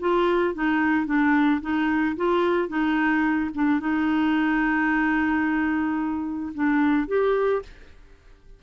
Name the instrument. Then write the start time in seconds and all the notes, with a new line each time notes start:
clarinet
0.00 F4
0.54 D#4
1.06 D4
1.61 D#4
2.16 F4
2.68 D#4
3.54 D4
3.80 D#4
6.54 D4
7.08 G4